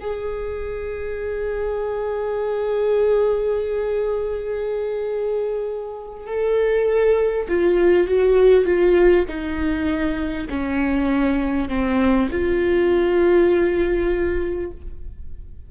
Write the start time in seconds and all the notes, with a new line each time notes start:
0.00 G#4
6.27 A4
7.48 F4
8.08 F#4
8.65 F4
9.28 D#4
10.49 C#4
11.69 C4
12.31 F4